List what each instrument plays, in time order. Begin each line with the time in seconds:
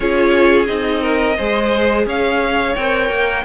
0.00 cello C#4, viola F4, violin G#4 C#5
0.66 cello C4, viola D#4, violin D#5
1.01 violin A#4
1.36 cello G#3, viola G#4, violin C5
2.06 cello C#4, violin C#5 F5
2.75 cello C4, viola A#4, violin G5
3.09 cello A#3